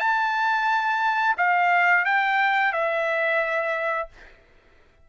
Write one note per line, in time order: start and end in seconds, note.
0.00 1.36 A5
1.38 2.05 F5
2.05 2.73 G5
2.73 4.09 E5